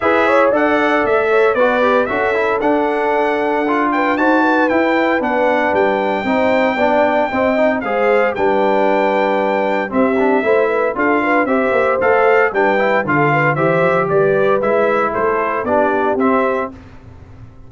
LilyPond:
<<
  \new Staff \with { instrumentName = "trumpet" } { \time 4/4 \tempo 4 = 115 e''4 fis''4 e''4 d''4 | e''4 fis''2~ fis''8 g''8 | a''4 g''4 fis''4 g''4~ | g''2. f''4 |
g''2. e''4~ | e''4 f''4 e''4 f''4 | g''4 f''4 e''4 d''4 | e''4 c''4 d''4 e''4 | }
  \new Staff \with { instrumentName = "horn" } { \time 4/4 b'8 cis''8 d''4. cis''8 b'4 | a'2.~ a'8 b'8 | c''8 b'2.~ b'8 | c''4 d''4 dis''4 c''4 |
b'2. g'4 | c''8 b'8 a'8 b'8 c''2 | b'4 a'8 b'8 c''4 b'4~ | b'4 a'4 g'2 | }
  \new Staff \with { instrumentName = "trombone" } { \time 4/4 gis'4 a'2 fis'8 g'8 | fis'8 e'8 d'2 f'4 | fis'4 e'4 d'2 | dis'4 d'4 c'8 dis'8 gis'4 |
d'2. c'8 d'8 | e'4 f'4 g'4 a'4 | d'8 e'8 f'4 g'2 | e'2 d'4 c'4 | }
  \new Staff \with { instrumentName = "tuba" } { \time 4/4 e'4 d'4 a4 b4 | cis'4 d'2. | dis'4 e'4 b4 g4 | c'4 b4 c'4 gis4 |
g2. c'4 | a4 d'4 c'8 ais8 a4 | g4 d4 e8 f8 g4 | gis4 a4 b4 c'4 | }
>>